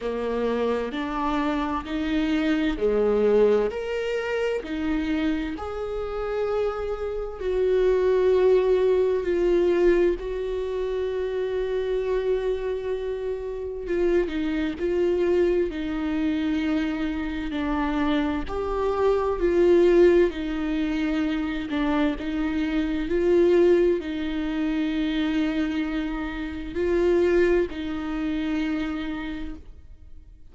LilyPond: \new Staff \with { instrumentName = "viola" } { \time 4/4 \tempo 4 = 65 ais4 d'4 dis'4 gis4 | ais'4 dis'4 gis'2 | fis'2 f'4 fis'4~ | fis'2. f'8 dis'8 |
f'4 dis'2 d'4 | g'4 f'4 dis'4. d'8 | dis'4 f'4 dis'2~ | dis'4 f'4 dis'2 | }